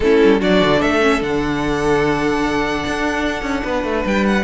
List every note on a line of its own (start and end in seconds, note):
0.00 0.20 A3
0.00 0.40 C#4
0.00 0.40 E4
0.00 0.41 A4
0.24 0.42 G3
0.40 0.61 F#3
0.40 1.01 D4
0.40 0.79 F#4
0.40 0.81 D5
0.61 0.82 D3
0.79 1.21 A3
0.79 3.63 A4
0.79 1.22 E5
1.01 1.21 C#4
1.21 2.84 D3
1.21 4.44 D4
1.21 4.06 F#5
2.86 3.42 D4
3.42 3.62 C#4
3.63 3.84 B3
3.63 4.44 B4
3.84 4.04 A3
4.05 4.44 G3
4.05 4.25 G5
4.25 4.44 F#5